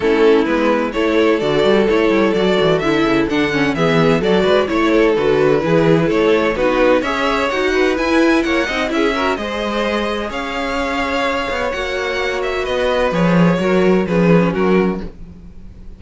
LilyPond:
<<
  \new Staff \with { instrumentName = "violin" } { \time 4/4 \tempo 4 = 128 a'4 b'4 cis''4 d''4 | cis''4 d''4 e''4 fis''4 | e''4 d''4 cis''4 b'4~ | b'4 cis''4 b'4 e''4 |
fis''4 gis''4 fis''4 e''4 | dis''2 f''2~ | f''4 fis''4. e''8 dis''4 | cis''2 b'4 ais'4 | }
  \new Staff \with { instrumentName = "violin" } { \time 4/4 e'2 a'2~ | a'1 | gis'4 a'8 b'8 cis''8 a'4. | gis'4 a'4 fis'4 cis''4~ |
cis''8 b'4. cis''8 dis''8 gis'8 ais'8 | c''2 cis''2~ | cis''2. b'4~ | b'4 ais'4 gis'4 fis'4 | }
  \new Staff \with { instrumentName = "viola" } { \time 4/4 cis'4 b4 e'4 fis'4 | e'4 fis'4 e'4 d'8 cis'8 | b4 fis'4 e'4 fis'4 | e'2 dis'4 gis'4 |
fis'4 e'4. dis'8 e'8 fis'8 | gis'1~ | gis'4 fis'2. | gis'4 fis'4 cis'2 | }
  \new Staff \with { instrumentName = "cello" } { \time 4/4 a4 gis4 a4 d8 g8 | a8 g8 fis8 e8 d8 cis8 d4 | e4 fis8 gis8 a4 d4 | e4 a4 b4 cis'4 |
dis'4 e'4 ais8 c'8 cis'4 | gis2 cis'2~ | cis'8 b8 ais2 b4 | f4 fis4 f4 fis4 | }
>>